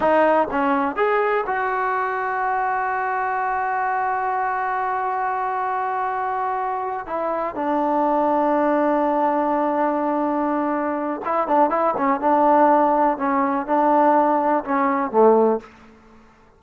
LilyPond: \new Staff \with { instrumentName = "trombone" } { \time 4/4 \tempo 4 = 123 dis'4 cis'4 gis'4 fis'4~ | fis'1~ | fis'1~ | fis'2~ fis'8 e'4 d'8~ |
d'1~ | d'2. e'8 d'8 | e'8 cis'8 d'2 cis'4 | d'2 cis'4 a4 | }